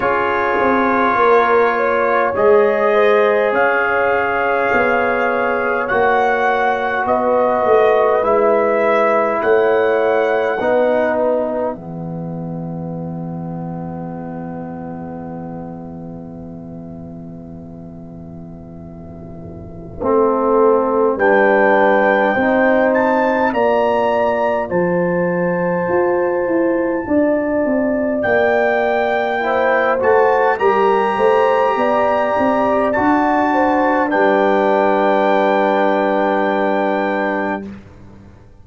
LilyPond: <<
  \new Staff \with { instrumentName = "trumpet" } { \time 4/4 \tempo 4 = 51 cis''2 dis''4 f''4~ | f''4 fis''4 dis''4 e''4 | fis''4. e''2~ e''8~ | e''1~ |
e''2 g''4. a''8 | ais''4 a''2. | g''4. a''8 ais''2 | a''4 g''2. | }
  \new Staff \with { instrumentName = "horn" } { \time 4/4 gis'4 ais'8 cis''4 c''8 cis''4~ | cis''2 b'2 | cis''4 b'4 gis'2~ | gis'1~ |
gis'4 a'4 b'4 c''4 | d''4 c''2 d''4~ | d''4 c''4 ais'8 c''8 d''4~ | d''8 c''8 b'2. | }
  \new Staff \with { instrumentName = "trombone" } { \time 4/4 f'2 gis'2~ | gis'4 fis'2 e'4~ | e'4 dis'4 b2~ | b1~ |
b4 c'4 d'4 dis'4 | f'1~ | f'4 e'8 fis'8 g'2 | fis'4 d'2. | }
  \new Staff \with { instrumentName = "tuba" } { \time 4/4 cis'8 c'8 ais4 gis4 cis'4 | b4 ais4 b8 a8 gis4 | a4 b4 e2~ | e1~ |
e4 a4 g4 c'4 | ais4 f4 f'8 e'8 d'8 c'8 | ais4. a8 g8 a8 b8 c'8 | d'4 g2. | }
>>